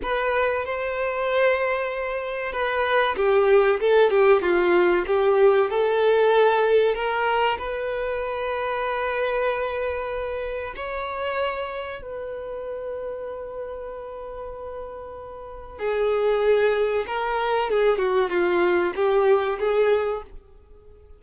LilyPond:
\new Staff \with { instrumentName = "violin" } { \time 4/4 \tempo 4 = 95 b'4 c''2. | b'4 g'4 a'8 g'8 f'4 | g'4 a'2 ais'4 | b'1~ |
b'4 cis''2 b'4~ | b'1~ | b'4 gis'2 ais'4 | gis'8 fis'8 f'4 g'4 gis'4 | }